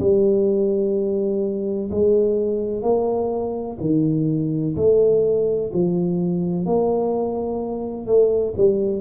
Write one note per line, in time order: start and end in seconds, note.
0.00 1.90 G3
1.91 2.82 G#3
2.82 3.77 A#3
3.81 4.76 D#3
4.76 5.71 A3
5.74 6.66 F3
6.66 8.06 A#3
8.06 8.54 A3
8.57 9.02 G3